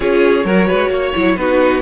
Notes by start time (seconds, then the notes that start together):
0.00 C#4 F4 G#4 C#5
0.44 F#3 F#4 A#4
0.67 G#3 B4
0.89 A#3 C#5
1.14 F#3 E4
1.35 B3 D#4 F#4 B4